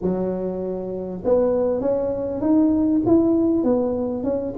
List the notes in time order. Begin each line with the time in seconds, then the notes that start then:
0.01 F#3
1.24 B3
1.80 C#4
2.40 D#4
3.06 E4
3.63 B3
4.23 C#4